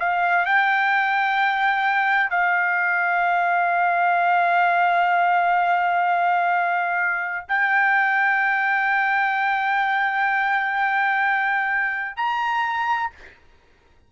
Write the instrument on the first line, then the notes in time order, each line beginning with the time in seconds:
trumpet
0.00 F5
0.46 G5
2.30 F5
7.49 G5
12.17 A#5